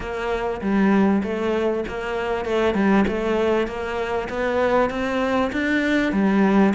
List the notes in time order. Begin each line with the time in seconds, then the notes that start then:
0.00 A#3
0.61 G3
1.23 A3
1.88 A#3
2.45 A3
2.74 G3
3.07 A3
3.67 A#3
4.29 B3
4.90 C4
5.52 D4
6.12 G3